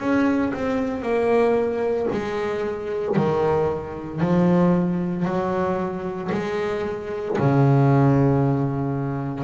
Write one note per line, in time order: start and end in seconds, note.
0.00 0.53 C#4
0.54 1.02 C4
1.02 2.08 A#3
2.12 3.17 G#3
3.17 4.21 D#3
4.21 5.25 F3
5.25 6.31 F#3
6.32 7.37 G#3
7.39 9.44 C#3